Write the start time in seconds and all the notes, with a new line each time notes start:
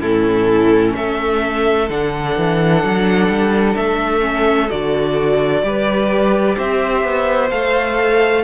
0.00 A2 C#4 E4 A4
0.95 A3 A4 E5
1.89 D3 D4 F#5
2.37 E3
2.83 F#3
3.28 G3
3.76 A3 E5
4.20 C#4
4.69 D3 F#4 D5
5.62 G3 G4 B4
6.56 C4 C5 E5
7.03 B3
7.50 A3 A4 F5